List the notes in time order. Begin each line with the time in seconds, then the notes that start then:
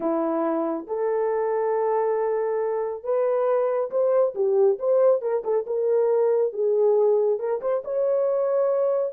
0.00 E4
0.87 A4
3.03 B4
3.91 C5
4.35 G4
4.78 C5
5.21 A#4
5.43 A4
5.66 A#4
6.52 G#4
7.39 A#4
7.61 C5
7.84 C#5